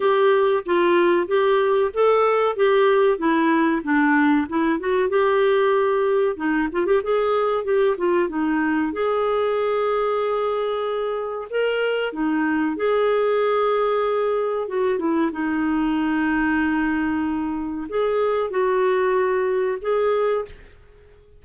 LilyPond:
\new Staff \with { instrumentName = "clarinet" } { \time 4/4 \tempo 4 = 94 g'4 f'4 g'4 a'4 | g'4 e'4 d'4 e'8 fis'8 | g'2 dis'8 f'16 g'16 gis'4 | g'8 f'8 dis'4 gis'2~ |
gis'2 ais'4 dis'4 | gis'2. fis'8 e'8 | dis'1 | gis'4 fis'2 gis'4 | }